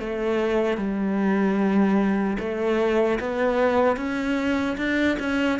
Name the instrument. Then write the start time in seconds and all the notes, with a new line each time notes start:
cello
0.00 A3
0.77 G3
2.39 A3
3.20 B3
3.97 C#4
4.77 D4
5.20 C#4